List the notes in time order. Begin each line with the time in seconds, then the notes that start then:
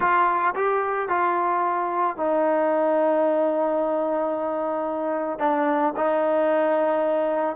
0.00 F4
0.55 G4
1.09 F4
2.16 D#4
5.39 D4
5.96 D#4